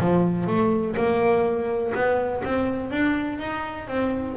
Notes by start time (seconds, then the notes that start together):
0.00 F3
0.47 A3
0.96 A#3
1.94 B3
2.45 C4
2.91 D4
3.39 D#4
3.88 C4